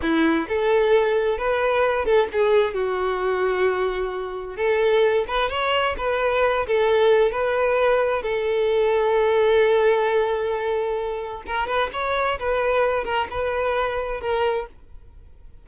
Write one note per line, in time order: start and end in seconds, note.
0.01 0.47 E4
0.48 1.38 A4
1.38 2.05 B4
2.05 2.28 A4
2.32 2.74 G#4
2.74 4.56 F#4
4.56 5.25 A4
5.27 5.49 B4
5.49 5.95 C#5
5.97 6.66 B4
6.66 7.31 A4
7.31 8.22 B4
8.22 11.43 A4
11.46 11.67 A#4
11.67 11.90 B4
11.93 12.38 C#5
12.39 13.04 B4
13.04 13.27 A#4
13.30 14.20 B4
14.20 14.66 A#4